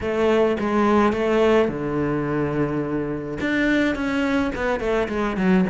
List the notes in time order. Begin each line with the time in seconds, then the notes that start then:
0.00 A3
0.59 G#3
1.12 A3
1.68 D3
3.40 D4
3.95 C#4
4.55 B3
4.80 A3
5.08 G#3
5.36 F#3